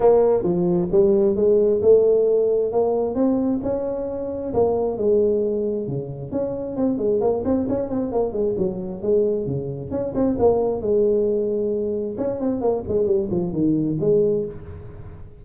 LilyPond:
\new Staff \with { instrumentName = "tuba" } { \time 4/4 \tempo 4 = 133 ais4 f4 g4 gis4 | a2 ais4 c'4 | cis'2 ais4 gis4~ | gis4 cis4 cis'4 c'8 gis8 |
ais8 c'8 cis'8 c'8 ais8 gis8 fis4 | gis4 cis4 cis'8 c'8 ais4 | gis2. cis'8 c'8 | ais8 gis8 g8 f8 dis4 gis4 | }